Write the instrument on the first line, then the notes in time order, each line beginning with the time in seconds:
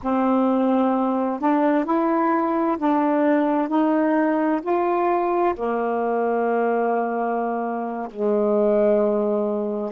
saxophone
0.02 C4
1.40 D4
1.85 E4
2.78 D4
3.68 D#4
4.62 F4
5.55 A#3
8.10 G#3